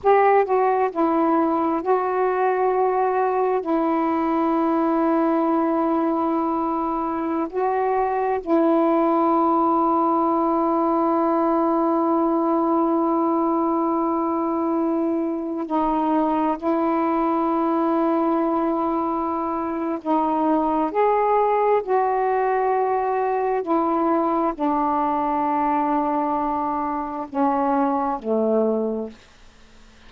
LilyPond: \new Staff \with { instrumentName = "saxophone" } { \time 4/4 \tempo 4 = 66 g'8 fis'8 e'4 fis'2 | e'1~ | e'16 fis'4 e'2~ e'8.~ | e'1~ |
e'4~ e'16 dis'4 e'4.~ e'16~ | e'2 dis'4 gis'4 | fis'2 e'4 d'4~ | d'2 cis'4 a4 | }